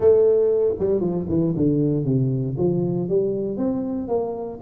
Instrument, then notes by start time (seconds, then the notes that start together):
tuba
0.00 A3
0.79 G3
1.00 F3
1.28 E3
1.56 D3
2.04 C3
2.57 F3
3.08 G3
3.57 C4
4.08 A#3